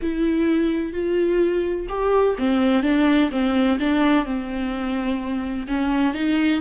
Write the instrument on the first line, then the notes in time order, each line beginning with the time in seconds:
viola
0.02 E4
0.92 F4
1.88 G4
2.38 C4
2.83 D4
3.31 C4
3.79 D4
4.25 C4
5.67 C#4
6.14 D#4